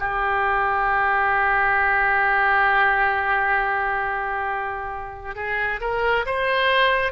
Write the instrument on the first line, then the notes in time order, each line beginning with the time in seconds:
oboe
0.00 G4
5.36 G#4
5.81 A#4
6.26 C5